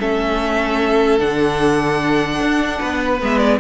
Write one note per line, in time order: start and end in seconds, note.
0.00 1.21 A3
0.00 1.19 C#4
0.00 2.80 A4
0.00 1.20 E5
1.19 2.40 D3
1.19 3.19 D4
1.19 3.20 F#5
2.40 2.80 D4
2.80 3.22 B3
2.80 3.60 B4
3.21 3.60 G#3
3.21 3.60 B3
3.21 3.38 E5
3.38 3.58 D5